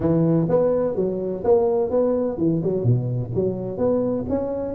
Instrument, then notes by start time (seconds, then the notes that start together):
tuba
0.00 E3
0.49 B3
0.95 F#3
1.44 A#3
1.90 B3
2.37 E3
2.63 F#3
2.83 B2
3.34 F#3
3.77 B3
4.29 C#4